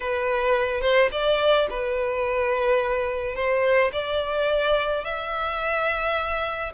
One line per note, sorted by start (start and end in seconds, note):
0.00 0.81 B4
0.81 1.09 C5
1.11 1.67 D5
1.69 3.35 B4
3.35 3.91 C5
3.92 5.04 D5
5.04 6.72 E5